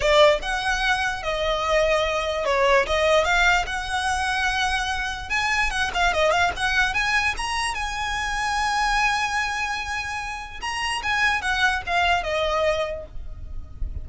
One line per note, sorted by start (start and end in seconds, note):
0.00 0.39 D5
0.42 1.22 F#5
1.22 2.45 D#5
2.45 2.86 C#5
2.86 3.24 D#5
3.24 3.65 F5
3.66 5.29 F#5
5.29 5.70 G#5
5.70 5.91 F#5
5.94 6.13 F5
6.13 6.31 D#5
6.31 6.51 F5
6.56 6.94 F#5
6.94 7.35 G#5
7.37 7.74 A#5
7.74 10.60 G#5
10.61 11.02 A#5
11.02 11.41 G#5
11.41 11.82 F#5
11.86 12.23 F5
12.23 13.05 D#5